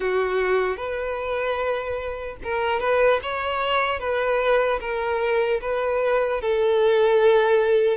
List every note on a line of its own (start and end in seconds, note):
0.00 0.76 F#4
0.76 2.36 B4
2.43 2.80 A#4
2.80 3.20 B4
3.22 3.99 C#5
3.99 4.79 B4
4.80 5.60 A#4
5.61 6.41 B4
6.41 7.97 A4